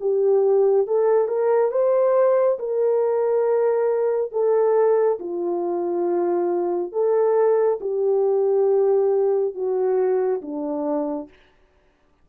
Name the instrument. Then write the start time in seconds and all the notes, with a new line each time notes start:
horn
0.00 G4
0.87 A4
1.28 A#4
1.72 C5
2.59 A#4
4.32 A4
5.19 F4
6.92 A4
7.81 G4
9.55 F#4
10.42 D4